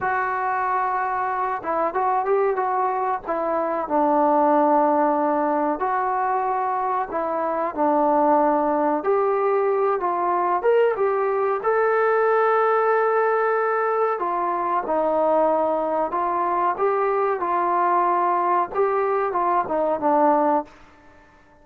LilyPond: \new Staff \with { instrumentName = "trombone" } { \time 4/4 \tempo 4 = 93 fis'2~ fis'8 e'8 fis'8 g'8 | fis'4 e'4 d'2~ | d'4 fis'2 e'4 | d'2 g'4. f'8~ |
f'8 ais'8 g'4 a'2~ | a'2 f'4 dis'4~ | dis'4 f'4 g'4 f'4~ | f'4 g'4 f'8 dis'8 d'4 | }